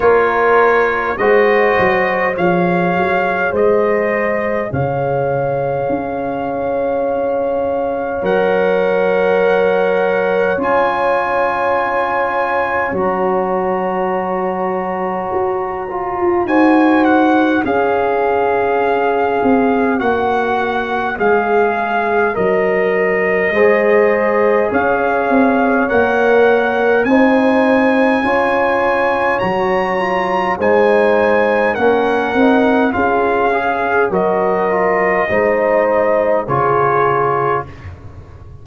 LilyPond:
<<
  \new Staff \with { instrumentName = "trumpet" } { \time 4/4 \tempo 4 = 51 cis''4 dis''4 f''4 dis''4 | f''2. fis''4~ | fis''4 gis''2 ais''4~ | ais''2 gis''8 fis''8 f''4~ |
f''4 fis''4 f''4 dis''4~ | dis''4 f''4 fis''4 gis''4~ | gis''4 ais''4 gis''4 fis''4 | f''4 dis''2 cis''4 | }
  \new Staff \with { instrumentName = "horn" } { \time 4/4 ais'4 c''4 cis''4 c''4 | cis''1~ | cis''1~ | cis''2 c''4 cis''4~ |
cis''1 | c''4 cis''2 c''4 | cis''2 c''4 ais'4 | gis'4 ais'4 c''4 gis'4 | }
  \new Staff \with { instrumentName = "trombone" } { \time 4/4 f'4 fis'4 gis'2~ | gis'2. ais'4~ | ais'4 f'2 fis'4~ | fis'4. f'8 fis'4 gis'4~ |
gis'4 fis'4 gis'4 ais'4 | gis'2 ais'4 dis'4 | f'4 fis'8 f'8 dis'4 cis'8 dis'8 | f'8 gis'8 fis'8 f'8 dis'4 f'4 | }
  \new Staff \with { instrumentName = "tuba" } { \time 4/4 ais4 gis8 fis8 f8 fis8 gis4 | cis4 cis'2 fis4~ | fis4 cis'2 fis4~ | fis4 fis'8. f'16 dis'4 cis'4~ |
cis'8 c'8 ais4 gis4 fis4 | gis4 cis'8 c'8 ais4 c'4 | cis'4 fis4 gis4 ais8 c'8 | cis'4 fis4 gis4 cis4 | }
>>